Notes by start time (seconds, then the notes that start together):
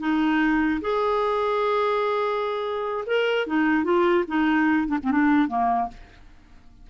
0.00 D#4
0.82 G#4
3.07 A#4
3.48 D#4
3.85 F4
4.28 D#4
4.88 D4
5.04 C4
5.12 D4
5.49 A#3